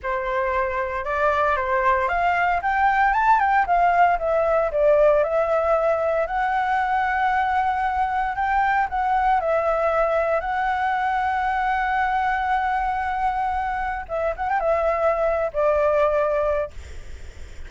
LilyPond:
\new Staff \with { instrumentName = "flute" } { \time 4/4 \tempo 4 = 115 c''2 d''4 c''4 | f''4 g''4 a''8 g''8 f''4 | e''4 d''4 e''2 | fis''1 |
g''4 fis''4 e''2 | fis''1~ | fis''2. e''8 fis''16 g''16 | e''4.~ e''16 d''2~ d''16 | }